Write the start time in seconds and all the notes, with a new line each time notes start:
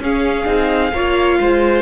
0.00 C#4 G#4 F5
0.45 C4 D#4
0.93 A#3 F4 C#5
1.40 G#3 C5